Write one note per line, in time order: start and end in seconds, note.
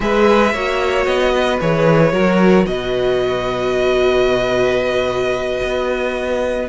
0.00 0.53 G#3
0.00 0.52 G#4
0.00 0.53 B4
0.00 1.05 E5
0.53 1.06 A#3
0.53 1.60 F#4
0.53 1.33 C#5
1.05 1.59 B3
1.05 1.59 D#5
1.33 2.12 B4
1.60 2.12 E3
1.60 2.12 G#4
1.60 2.66 C#5
2.12 2.66 F#3
2.12 6.67 F#4
2.12 2.66 A#4
2.66 5.60 B2
2.66 6.69 B4
2.66 6.68 D#5
5.62 6.69 B3